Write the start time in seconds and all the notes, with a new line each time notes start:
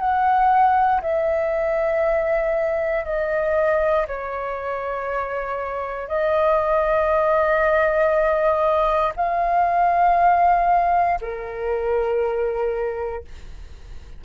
0.00 F#5
1.02 E5
3.05 D#5
4.08 C#5
6.08 D#5
9.16 F5
11.21 A#4